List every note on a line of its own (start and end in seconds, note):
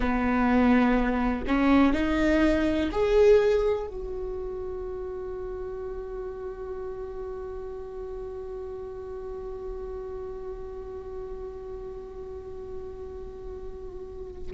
0.00 1.44 B3
1.47 1.93 C#4
1.93 2.89 D#4
2.91 3.87 G#4
3.87 14.51 F#4